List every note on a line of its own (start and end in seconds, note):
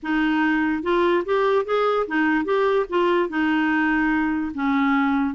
0.02 0.83 D#4
0.83 1.24 F4
1.25 1.65 G4
1.65 2.06 G#4
2.07 2.44 D#4
2.44 2.85 G4
2.89 3.29 F4
3.29 4.52 D#4
4.54 5.34 C#4